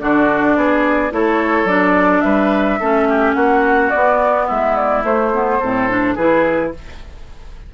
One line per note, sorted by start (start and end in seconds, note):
0.00 0.55 D3
0.00 1.11 D4
0.00 0.57 F#4
0.00 1.12 D5
0.55 1.11 B3
0.55 1.13 G#4
1.11 1.64 A3
1.11 1.67 E4
1.11 2.24 A4
1.11 1.67 C#5
1.64 2.20 F#3
1.64 2.80 D4
1.64 2.21 D5
2.21 2.80 G3
2.21 2.80 B4
2.21 3.33 E5
2.80 3.35 A3
2.80 3.94 C#4
2.80 3.08 A4
3.09 3.36 G4
3.34 3.91 A#3
3.34 4.46 F#4
3.34 3.90 F#5
3.90 4.50 B3
3.90 5.04 B3
3.90 4.46 D5
4.46 5.03 G#3
4.46 5.58 E4
4.46 4.75 E5
4.75 5.03 D5
5.03 5.59 A3
5.03 5.32 A3
5.03 6.16 C5
5.34 5.62 B3
5.59 6.17 A2
5.59 5.89 C4
5.59 6.15 A4
5.89 6.17 D4
6.15 6.73 E3
6.15 6.74 E4
6.15 6.71 G#4
6.15 6.72 B4